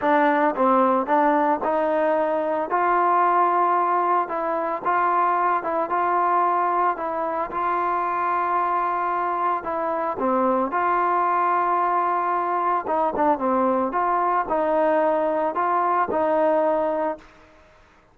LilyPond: \new Staff \with { instrumentName = "trombone" } { \time 4/4 \tempo 4 = 112 d'4 c'4 d'4 dis'4~ | dis'4 f'2. | e'4 f'4. e'8 f'4~ | f'4 e'4 f'2~ |
f'2 e'4 c'4 | f'1 | dis'8 d'8 c'4 f'4 dis'4~ | dis'4 f'4 dis'2 | }